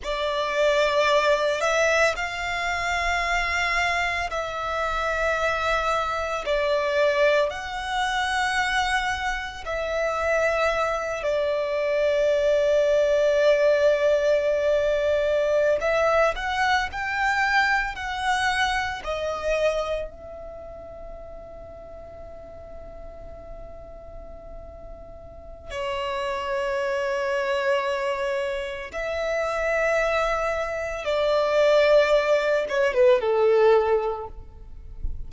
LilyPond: \new Staff \with { instrumentName = "violin" } { \time 4/4 \tempo 4 = 56 d''4. e''8 f''2 | e''2 d''4 fis''4~ | fis''4 e''4. d''4.~ | d''2~ d''8. e''8 fis''8 g''16~ |
g''8. fis''4 dis''4 e''4~ e''16~ | e''1 | cis''2. e''4~ | e''4 d''4. cis''16 b'16 a'4 | }